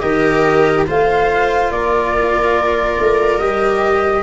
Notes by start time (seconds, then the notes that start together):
0.00 D#3 G4 A#4 D#5
0.87 A3 F4 C5 F5
1.71 A#3 A#4 D5
2.99 A3
3.38 G3 G4 D#5